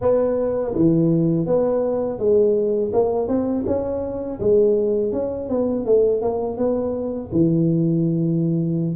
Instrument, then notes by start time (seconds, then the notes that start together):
tuba
0.01 B3
0.74 E3
1.46 B3
2.18 G#3
2.93 A#3
3.28 C4
3.66 C#4
4.40 G#3
5.12 C#4
5.49 B3
5.85 A3
6.21 A#3
6.57 B3
7.31 E3